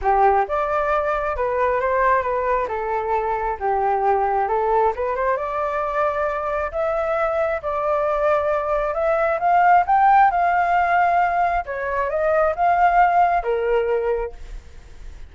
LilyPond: \new Staff \with { instrumentName = "flute" } { \time 4/4 \tempo 4 = 134 g'4 d''2 b'4 | c''4 b'4 a'2 | g'2 a'4 b'8 c''8 | d''2. e''4~ |
e''4 d''2. | e''4 f''4 g''4 f''4~ | f''2 cis''4 dis''4 | f''2 ais'2 | }